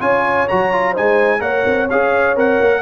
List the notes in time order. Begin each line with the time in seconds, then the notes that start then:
0.00 C#4 F4 C#5 G#5
0.48 F#3 F#4 A#5
0.72 F4
0.92 D#4 C5 G#5
0.98 G#3
1.39 A#3 A#4 C#5 F#5
1.66 C4
1.90 C#4 G#4 F5
2.36 C4 A#4 F#5
2.61 A#3